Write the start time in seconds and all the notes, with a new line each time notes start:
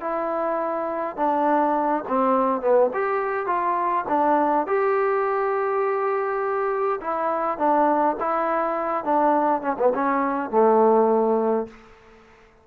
0.00 E4
1.16 D4
2.08 C4
2.61 B3
2.93 G4
3.46 F4
4.08 D4
4.67 G4
7.00 E4
7.58 D4
8.20 E4
9.04 D4
9.61 C#4
9.78 B3
9.94 C#4
10.50 A3